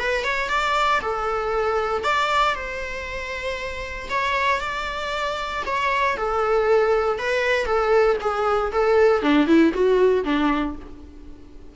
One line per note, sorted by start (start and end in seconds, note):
0.00 0.24 B4
0.24 0.49 C#5
0.49 1.00 D5
1.02 2.04 A4
2.04 2.55 D5
2.55 4.09 C5
4.10 4.61 C#5
4.61 5.63 D5
5.66 6.17 C#5
6.17 7.19 A4
7.19 7.66 B4
7.66 8.17 A4
8.21 8.72 G#4
8.72 9.22 A4
9.22 9.47 D4
9.47 9.73 E4
9.73 10.24 F#4
10.24 10.76 D4